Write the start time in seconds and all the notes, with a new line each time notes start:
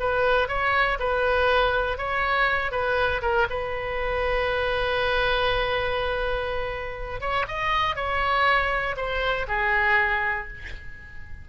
0.00 B4
0.48 C#5
1.00 B4
1.98 C#5
2.72 B4
3.22 A#4
3.50 B4
7.21 C#5
7.48 D#5
7.96 C#5
8.97 C5
9.48 G#4